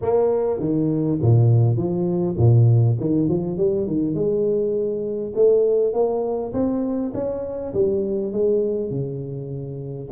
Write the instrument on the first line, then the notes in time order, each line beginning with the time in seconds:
tuba
0.01 A#3
0.59 D#3
1.21 A#2
1.76 F3
2.37 A#2
2.99 D#3
3.28 F3
3.57 G3
3.86 D#3
4.14 G#3
5.35 A3
5.93 A#3
6.53 C4
7.13 C#4
7.73 G3
8.32 G#3
8.90 C#3